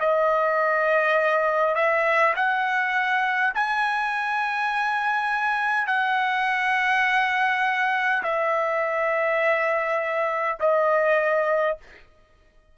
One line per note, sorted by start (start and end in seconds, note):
0.00 1.75 D#5
1.75 2.34 E5
2.36 3.53 F#5
3.55 5.88 G#5
5.88 8.23 F#5
8.24 10.59 E5
10.60 11.78 D#5